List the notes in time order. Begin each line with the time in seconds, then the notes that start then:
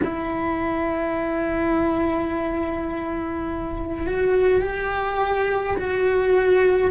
0.04 E4
4.06 F#4
4.61 G4
5.77 F#4